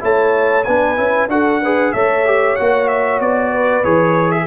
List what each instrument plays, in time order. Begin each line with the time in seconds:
0.00 tuba A3, trombone E4, horn C#5, trumpet A5
0.64 tuba B3, trombone D4, horn B4, trumpet G#5
0.97 tuba C#4, trombone E4
1.28 tuba D4, trombone F#4, horn A4, trumpet F#5
1.62 trombone G#4, horn B4
1.92 tuba A3, trombone A4, horn C#5, trumpet E5
2.26 trombone G4
2.56 tuba A#3, trombone F#4, trumpet F#5
2.88 trumpet E5
3.20 tuba B3, trumpet D5
3.53 horn B4
3.84 tuba E3, trombone G#4, trumpet C#5
4.32 horn G#4, trumpet E5